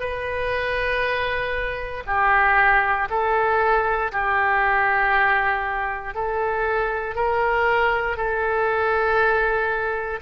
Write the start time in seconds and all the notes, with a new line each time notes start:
0.00 B4
2.06 G4
3.10 A4
4.11 G4
6.14 A4
7.15 A#4
8.16 A4